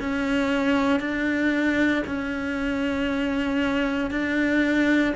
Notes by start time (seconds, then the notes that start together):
0.00 C#4
1.00 D4
2.06 C#4
4.11 D4